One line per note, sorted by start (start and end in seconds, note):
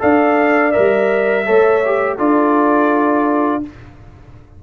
0.00 0.76 D4
0.00 0.72 A4
0.00 1.46 D5
0.00 0.72 F5
0.72 1.45 A#4
0.72 2.17 E5
0.78 1.49 G3
1.46 2.19 A3
1.46 1.82 A4
1.46 2.17 C#5
1.86 2.19 G4
2.17 3.64 D4
2.17 3.63 F4
2.17 3.61 A4
2.17 3.64 D5